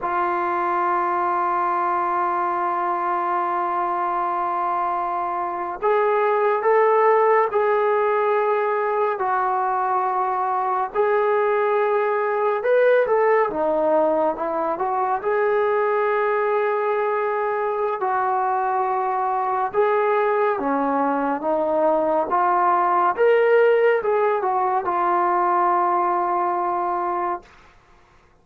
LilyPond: \new Staff \with { instrumentName = "trombone" } { \time 4/4 \tempo 4 = 70 f'1~ | f'2~ f'8. gis'4 a'16~ | a'8. gis'2 fis'4~ fis'16~ | fis'8. gis'2 b'8 a'8 dis'16~ |
dis'8. e'8 fis'8 gis'2~ gis'16~ | gis'4 fis'2 gis'4 | cis'4 dis'4 f'4 ais'4 | gis'8 fis'8 f'2. | }